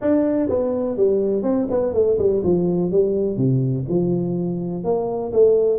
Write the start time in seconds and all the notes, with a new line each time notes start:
0.01 D4
0.49 B3
0.96 G3
1.43 C4
1.70 B3
1.93 A3
2.18 G3
2.43 F3
2.91 G3
3.36 C3
3.88 F3
4.84 A#3
5.32 A3